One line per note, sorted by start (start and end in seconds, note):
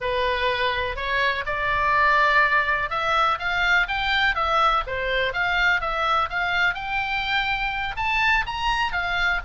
0.00 0.95 B4
0.95 1.44 C#5
1.46 2.89 D5
2.89 3.38 E5
3.38 3.87 F5
3.88 4.35 G5
4.35 4.83 E5
4.86 5.33 C5
5.33 5.81 F5
5.81 6.29 E5
6.29 6.74 F5
6.74 7.95 G5
7.96 8.44 A5
8.46 8.92 A#5
8.92 9.40 F5